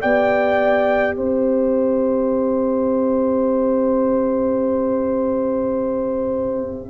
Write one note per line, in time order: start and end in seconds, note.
0.00 1.16 B3
0.00 6.89 G4
0.00 1.16 D5
0.00 1.15 G5
1.15 6.89 C4
1.15 6.89 C5
1.15 6.89 E5